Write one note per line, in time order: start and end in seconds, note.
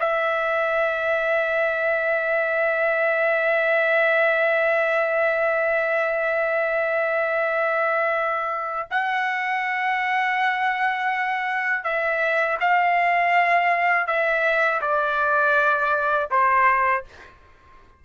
0.00 8.89 E5
8.91 11.84 F#5
11.84 12.58 E5
12.60 14.07 F5
14.07 14.81 E5
14.82 16.30 D5
16.31 17.05 C5